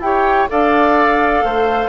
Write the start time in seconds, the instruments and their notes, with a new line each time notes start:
0.00 bassoon E4, clarinet G4, oboe C#5, flute G5
0.49 bassoon D4, clarinet A4, oboe D5, flute F5
1.44 bassoon A3, oboe C5